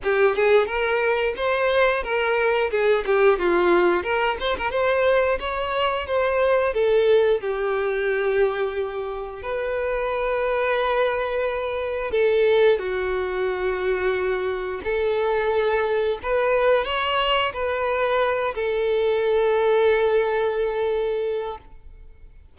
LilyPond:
\new Staff \with { instrumentName = "violin" } { \time 4/4 \tempo 4 = 89 g'8 gis'8 ais'4 c''4 ais'4 | gis'8 g'8 f'4 ais'8 c''16 ais'16 c''4 | cis''4 c''4 a'4 g'4~ | g'2 b'2~ |
b'2 a'4 fis'4~ | fis'2 a'2 | b'4 cis''4 b'4. a'8~ | a'1 | }